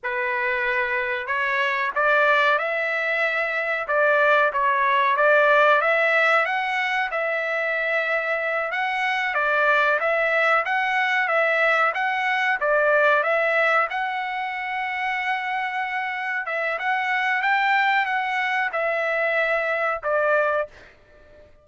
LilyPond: \new Staff \with { instrumentName = "trumpet" } { \time 4/4 \tempo 4 = 93 b'2 cis''4 d''4 | e''2 d''4 cis''4 | d''4 e''4 fis''4 e''4~ | e''4. fis''4 d''4 e''8~ |
e''8 fis''4 e''4 fis''4 d''8~ | d''8 e''4 fis''2~ fis''8~ | fis''4. e''8 fis''4 g''4 | fis''4 e''2 d''4 | }